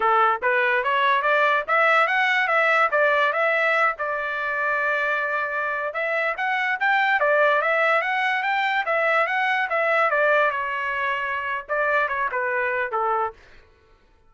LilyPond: \new Staff \with { instrumentName = "trumpet" } { \time 4/4 \tempo 4 = 144 a'4 b'4 cis''4 d''4 | e''4 fis''4 e''4 d''4 | e''4. d''2~ d''8~ | d''2~ d''16 e''4 fis''8.~ |
fis''16 g''4 d''4 e''4 fis''8.~ | fis''16 g''4 e''4 fis''4 e''8.~ | e''16 d''4 cis''2~ cis''8. | d''4 cis''8 b'4. a'4 | }